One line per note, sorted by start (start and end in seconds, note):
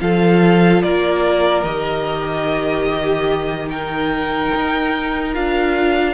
0.00 0.83 F3
0.00 1.64 F4
0.00 0.83 A4
0.00 0.82 F5
0.82 1.63 A#3
0.82 2.89 A#4
0.82 1.64 D5
1.63 4.51 D#3
1.63 3.67 G4
1.63 3.69 D#5
2.89 3.71 G4
3.67 5.32 D#4
3.67 6.14 A#4
3.67 5.34 G5
4.55 5.36 D#4
5.34 6.14 D4
5.34 6.14 F4
5.34 6.14 F5